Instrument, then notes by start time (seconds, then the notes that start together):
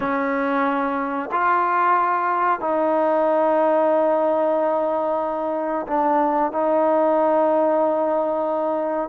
trombone
0.00 C#4
1.31 F4
2.60 D#4
5.87 D4
6.52 D#4